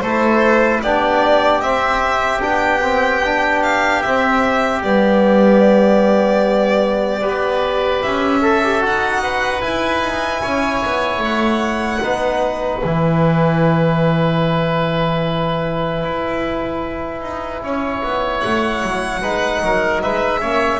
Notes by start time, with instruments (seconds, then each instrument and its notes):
0.00 double bass A3, trombone E4, oboe A4, violin C5
0.82 double bass B3, trombone D4, oboe G4, violin D5
1.61 double bass C4, trombone C4, violin E5
2.40 double bass B3, trombone D4, violin G5
2.82 trombone C4
3.25 trombone D4
3.63 violin F5
4.02 trombone C4, double bass C4, violin E5
4.82 double bass G3, trombone B3, violin D5
7.21 double bass B3, trombone G4, oboe B4
8.03 double bass C#4, violin E5
8.42 oboe A4, trombone A4
8.64 trombone G4
8.81 double bass D#4, trombone F#4, violin F#5
9.23 oboe B4
9.61 trombone E4, double bass E4, violin G#5
10.01 double bass D#4
10.42 double bass C#4, oboe C#5
10.85 double bass B3
11.19 double bass A3
11.25 violin F#5
12.02 double bass B3, trombone D#4, oboe B4
12.83 double bass E3, trombone E4, violin G#5
16.04 double bass E4
17.22 double bass D#4
17.63 double bass C#4, oboe C#5
18.03 double bass B3
18.41 double bass A3, violin F#5
18.83 double bass F#3
19.21 double bass G#3, trombone D#4, oboe B4
19.63 double bass F#3, oboe A#4
20.02 double bass G#3, oboe B4, violin E5
20.41 double bass A#3, trombone C#4, oboe C#5